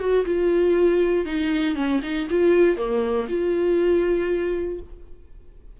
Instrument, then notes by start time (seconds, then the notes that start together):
viola
0.00 F#4
0.25 F4
1.26 D#4
1.76 C#4
2.03 D#4
2.30 F4
2.77 A#3
3.29 F4